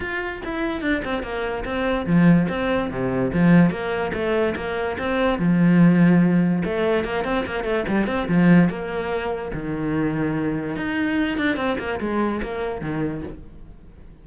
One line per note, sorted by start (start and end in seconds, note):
0.00 0.42 F4
0.44 0.81 E4
0.81 1.01 D4
1.04 1.22 C4
1.22 1.64 A#3
1.64 2.06 C4
2.06 2.47 F3
2.48 2.90 C4
2.90 3.31 C3
3.33 3.70 F3
3.70 4.11 A#3
4.13 4.54 A3
4.55 4.97 A#3
4.98 5.38 C4
5.38 6.63 F3
6.64 7.04 A3
7.04 7.24 A#3
7.24 7.45 C4
7.46 7.64 A#3
7.64 7.84 A3
7.88 8.07 G3
8.07 8.27 C4
8.28 8.69 F3
8.69 9.51 A#3
9.53 10.76 D#3
10.76 11.37 D#4
11.37 11.56 D4
11.56 11.77 C4
11.78 11.99 A#3
11.99 12.41 G#3
12.42 12.81 A#3
12.81 13.22 D#3